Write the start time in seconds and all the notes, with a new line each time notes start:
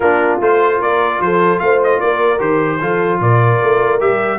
0.00 A#3 D4 F4 A#4
0.40 A3 F4 C5
0.79 A#3 A#4 D5
1.20 F3 A4 C5
1.59 A3 C5 F5
1.83 D#5
1.99 A#3 A#4 D5
2.38 D#3 G4 C5
2.81 F3 F4 A4
3.20 A#2 A#4 D5
3.62 A3
3.99 G3 G4 E5